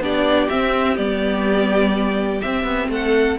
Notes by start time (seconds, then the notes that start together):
0.00 B3 D4 G4 D5
0.49 C4 E5
0.97 G3 B3 D5
2.41 C4 E5
2.64 B3
2.88 A3 A4 F#5